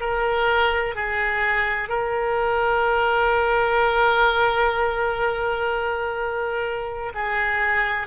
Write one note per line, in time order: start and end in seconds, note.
0.00 0.95 A#4
0.95 1.89 G#4
1.89 7.13 A#4
7.14 8.07 G#4